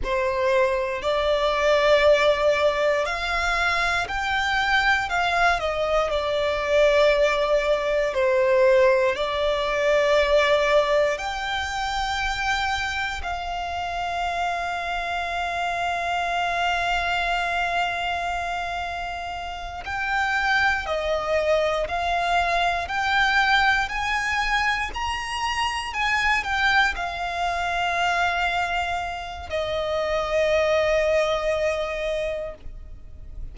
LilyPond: \new Staff \with { instrumentName = "violin" } { \time 4/4 \tempo 4 = 59 c''4 d''2 f''4 | g''4 f''8 dis''8 d''2 | c''4 d''2 g''4~ | g''4 f''2.~ |
f''2.~ f''8 g''8~ | g''8 dis''4 f''4 g''4 gis''8~ | gis''8 ais''4 gis''8 g''8 f''4.~ | f''4 dis''2. | }